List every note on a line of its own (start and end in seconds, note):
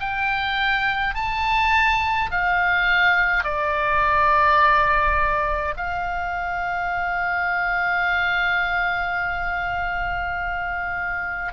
0.00 1.15 G5
1.15 2.30 A5
2.31 3.44 F5
3.44 5.75 D5
5.77 11.53 F5